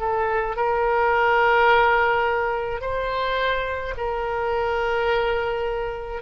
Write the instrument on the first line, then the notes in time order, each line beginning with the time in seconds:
oboe
0.00 A4
0.57 A#4
2.81 C5
3.97 A#4